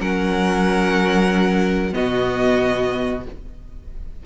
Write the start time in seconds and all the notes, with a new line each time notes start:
0.00 F#3 C#4 A#4 F#5
1.92 B2 B3 F#4 D#5